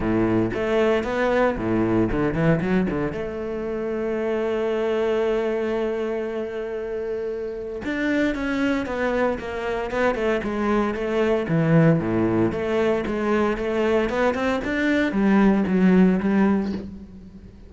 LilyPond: \new Staff \with { instrumentName = "cello" } { \time 4/4 \tempo 4 = 115 a,4 a4 b4 a,4 | d8 e8 fis8 d8 a2~ | a1~ | a2. d'4 |
cis'4 b4 ais4 b8 a8 | gis4 a4 e4 a,4 | a4 gis4 a4 b8 c'8 | d'4 g4 fis4 g4 | }